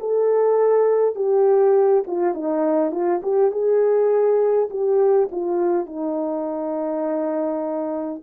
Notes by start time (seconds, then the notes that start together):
0.00 A4
1.16 G4
2.07 F4
2.35 D#4
2.92 F4
3.23 G4
3.52 G#4
4.71 G4
5.32 F4
5.87 D#4